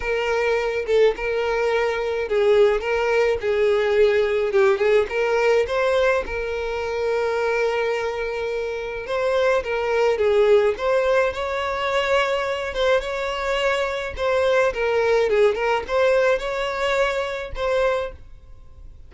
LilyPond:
\new Staff \with { instrumentName = "violin" } { \time 4/4 \tempo 4 = 106 ais'4. a'8 ais'2 | gis'4 ais'4 gis'2 | g'8 gis'8 ais'4 c''4 ais'4~ | ais'1 |
c''4 ais'4 gis'4 c''4 | cis''2~ cis''8 c''8 cis''4~ | cis''4 c''4 ais'4 gis'8 ais'8 | c''4 cis''2 c''4 | }